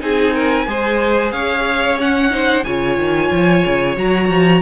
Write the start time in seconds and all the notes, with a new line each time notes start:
0.00 C4 D#4 G#4 G#5
0.35 A#4
0.67 G#3 G#4 C5
1.31 C#4 C#5 F5
1.99 C#4 F#5
2.30 D#4 C5
2.64 C#3 F4 C#5 G#5
2.98 D#3
3.31 F3
3.66 C#3
3.97 F#3 F#4 A#5
4.29 F3